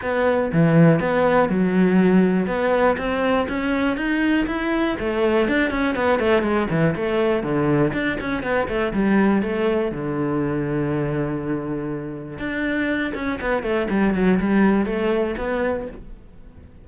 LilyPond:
\new Staff \with { instrumentName = "cello" } { \time 4/4 \tempo 4 = 121 b4 e4 b4 fis4~ | fis4 b4 c'4 cis'4 | dis'4 e'4 a4 d'8 cis'8 | b8 a8 gis8 e8 a4 d4 |
d'8 cis'8 b8 a8 g4 a4 | d1~ | d4 d'4. cis'8 b8 a8 | g8 fis8 g4 a4 b4 | }